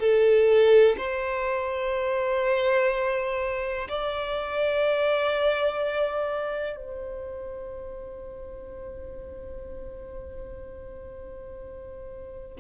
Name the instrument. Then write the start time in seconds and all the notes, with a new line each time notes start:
violin
0.00 A4
0.98 C5
3.89 D5
6.77 C5